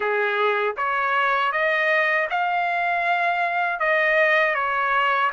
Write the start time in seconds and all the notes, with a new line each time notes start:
0.00 G#4
0.76 C#5
1.52 D#5
2.30 F5
3.79 D#5
4.55 C#5